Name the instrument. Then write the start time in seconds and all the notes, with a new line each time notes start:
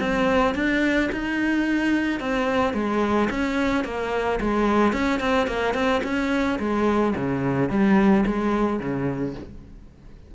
cello
0.00 C4
0.55 D4
1.12 D#4
2.20 C4
2.74 G#3
3.30 C#4
3.85 A#3
4.40 G#3
4.93 C#4
5.20 C4
5.47 A#3
5.74 C4
6.04 C#4
6.59 G#3
7.15 C#3
7.69 G3
8.26 G#3
8.79 C#3